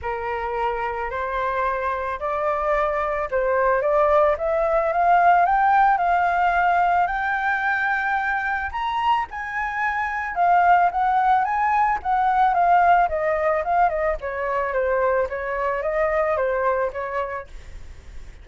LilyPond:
\new Staff \with { instrumentName = "flute" } { \time 4/4 \tempo 4 = 110 ais'2 c''2 | d''2 c''4 d''4 | e''4 f''4 g''4 f''4~ | f''4 g''2. |
ais''4 gis''2 f''4 | fis''4 gis''4 fis''4 f''4 | dis''4 f''8 dis''8 cis''4 c''4 | cis''4 dis''4 c''4 cis''4 | }